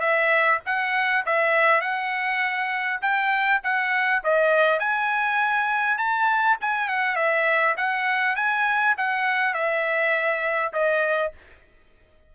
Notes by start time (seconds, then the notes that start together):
0.00 E5
0.65 F#5
1.25 E5
1.81 F#5
3.01 G5
3.63 F#5
4.23 D#5
4.79 G#5
5.97 A5
6.60 G#5
6.88 F#5
7.15 E5
7.76 F#5
8.35 G#5
8.97 F#5
9.53 E5
10.73 D#5